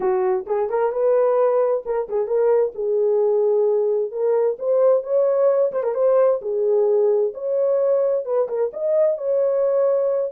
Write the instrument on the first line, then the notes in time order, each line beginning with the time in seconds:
horn
0.00 F#4
0.46 G#4
0.69 A#4
0.92 B4
1.85 A#4
2.08 G#4
2.27 A#4
2.74 G#4
4.11 A#4
4.58 C5
5.03 C#5
5.71 C5
5.83 A#4
5.94 C5
6.41 G#4
7.33 C#5
8.25 B4
8.48 A#4
8.73 D#5
9.17 C#5